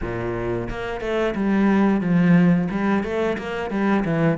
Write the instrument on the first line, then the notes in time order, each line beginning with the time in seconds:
cello
0.01 A#2
0.69 A#3
1.00 A3
1.35 G3
2.00 F3
2.70 G3
3.03 A3
3.38 A#3
3.70 G3
4.04 E3